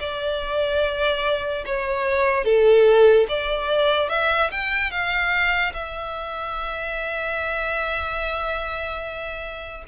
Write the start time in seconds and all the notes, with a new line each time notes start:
0.00 D5
1.66 C#5
2.45 A4
3.29 D5
4.09 E5
4.51 G5
4.91 F5
5.73 E5